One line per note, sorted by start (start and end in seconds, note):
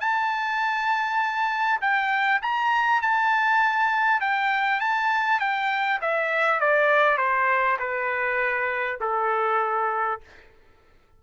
0.00 1.80 A5
1.81 2.41 G5
2.42 3.02 A#5
3.02 4.21 A5
4.21 4.80 G5
4.80 5.40 A5
5.40 6.00 G5
6.01 6.60 E5
6.60 7.17 D5
7.17 7.77 C5
7.79 8.99 B4
9.00 10.20 A4